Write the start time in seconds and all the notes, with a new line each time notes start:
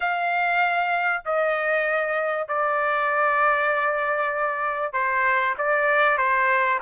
0.00 F5
1.25 D#5
2.47 D5
4.93 C5
5.58 D5
6.17 C5